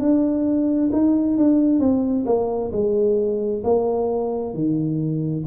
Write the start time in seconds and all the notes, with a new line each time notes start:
0.00 D4
0.93 D#4
1.38 D4
1.80 C4
2.26 A#3
2.72 G#3
3.64 A#3
4.55 D#3